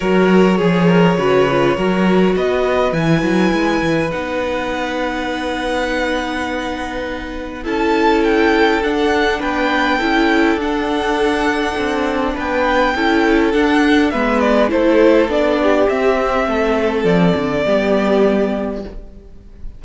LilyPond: <<
  \new Staff \with { instrumentName = "violin" } { \time 4/4 \tempo 4 = 102 cis''1 | dis''4 gis''2 fis''4~ | fis''1~ | fis''4 a''4 g''4 fis''4 |
g''2 fis''2~ | fis''4 g''2 fis''4 | e''8 d''8 c''4 d''4 e''4~ | e''4 d''2. | }
  \new Staff \with { instrumentName = "violin" } { \time 4/4 ais'4 gis'8 ais'8 b'4 ais'4 | b'1~ | b'1~ | b'4 a'2. |
b'4 a'2.~ | a'4 b'4 a'2 | b'4 a'4. g'4. | a'2 g'2 | }
  \new Staff \with { instrumentName = "viola" } { \time 4/4 fis'4 gis'4 fis'8 f'8 fis'4~ | fis'4 e'2 dis'4~ | dis'1~ | dis'4 e'2 d'4~ |
d'4 e'4 d'2~ | d'2 e'4 d'4 | b4 e'4 d'4 c'4~ | c'2 b2 | }
  \new Staff \with { instrumentName = "cello" } { \time 4/4 fis4 f4 cis4 fis4 | b4 e8 fis8 gis8 e8 b4~ | b1~ | b4 cis'2 d'4 |
b4 cis'4 d'2 | c'4 b4 cis'4 d'4 | gis4 a4 b4 c'4 | a4 f8 d8 g2 | }
>>